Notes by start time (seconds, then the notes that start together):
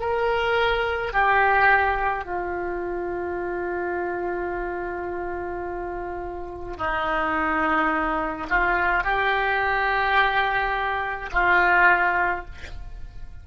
0.00 A#4
1.13 G4
2.25 F4
6.77 D#4
8.50 F4
9.04 G4
11.32 F4